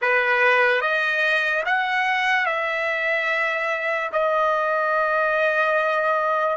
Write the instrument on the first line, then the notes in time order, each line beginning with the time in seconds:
trumpet
0.01 B4
0.81 D#5
1.65 F#5
2.46 E5
4.12 D#5